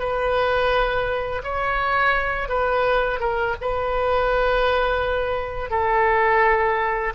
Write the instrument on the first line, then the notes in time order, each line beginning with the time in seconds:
oboe
0.00 B4
1.44 C#5
2.49 B4
3.20 A#4
3.61 B4
5.71 A4